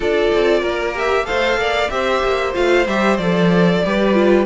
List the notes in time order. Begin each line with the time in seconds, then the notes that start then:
0.00 D4 F4 A4 D5
0.33 C4
0.60 A#3 A#4
0.94 G4 E5
1.25 A3 A4 C5 F5
1.56 A#3 D5
1.89 C4 G4 C5 E5
2.23 A#3
2.53 A3 F4 F5
2.87 G3 G4 E5
3.17 F3 A4 D5
3.84 G3 G4 B4
4.13 F4